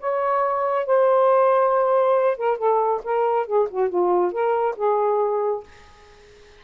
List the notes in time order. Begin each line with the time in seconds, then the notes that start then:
0.00 C#5
0.86 C5
2.37 A#4
2.58 A4
3.04 A#4
3.46 G#4
3.70 F#4
3.89 F4
4.32 A#4
4.76 G#4